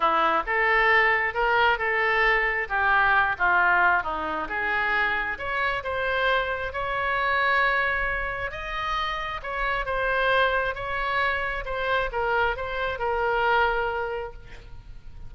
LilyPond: \new Staff \with { instrumentName = "oboe" } { \time 4/4 \tempo 4 = 134 e'4 a'2 ais'4 | a'2 g'4. f'8~ | f'4 dis'4 gis'2 | cis''4 c''2 cis''4~ |
cis''2. dis''4~ | dis''4 cis''4 c''2 | cis''2 c''4 ais'4 | c''4 ais'2. | }